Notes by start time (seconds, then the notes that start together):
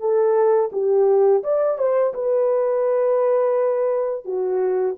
0.00 A4
0.73 G4
1.43 D5
1.78 C5
2.14 B4
4.25 F#4